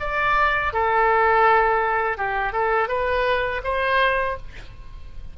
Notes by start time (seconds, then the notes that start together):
0.00 D5
0.73 A4
2.18 G4
2.53 A4
2.88 B4
3.64 C5